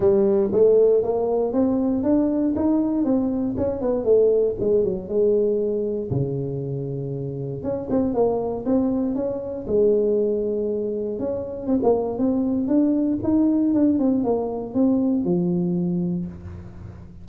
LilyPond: \new Staff \with { instrumentName = "tuba" } { \time 4/4 \tempo 4 = 118 g4 a4 ais4 c'4 | d'4 dis'4 c'4 cis'8 b8 | a4 gis8 fis8 gis2 | cis2. cis'8 c'8 |
ais4 c'4 cis'4 gis4~ | gis2 cis'4 c'16 ais8. | c'4 d'4 dis'4 d'8 c'8 | ais4 c'4 f2 | }